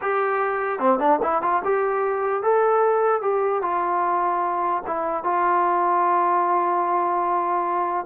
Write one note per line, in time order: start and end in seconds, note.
0.01 0.79 G4
0.79 0.99 C4
0.99 1.19 D4
1.22 1.42 E4
1.42 1.62 F4
1.64 2.42 G4
2.42 3.21 A4
3.21 3.61 G4
3.61 4.82 F4
4.87 5.23 E4
5.23 8.05 F4